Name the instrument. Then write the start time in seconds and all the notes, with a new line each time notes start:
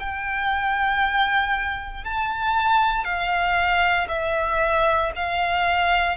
violin
0.00 G5
2.05 A5
3.04 F5
4.09 E5
5.16 F5